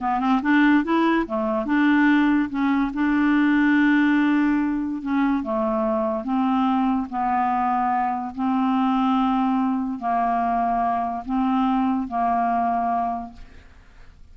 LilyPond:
\new Staff \with { instrumentName = "clarinet" } { \time 4/4 \tempo 4 = 144 b8 c'8 d'4 e'4 a4 | d'2 cis'4 d'4~ | d'1 | cis'4 a2 c'4~ |
c'4 b2. | c'1 | ais2. c'4~ | c'4 ais2. | }